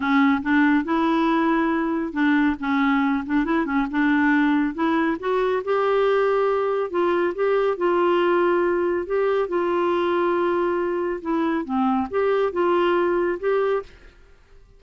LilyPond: \new Staff \with { instrumentName = "clarinet" } { \time 4/4 \tempo 4 = 139 cis'4 d'4 e'2~ | e'4 d'4 cis'4. d'8 | e'8 cis'8 d'2 e'4 | fis'4 g'2. |
f'4 g'4 f'2~ | f'4 g'4 f'2~ | f'2 e'4 c'4 | g'4 f'2 g'4 | }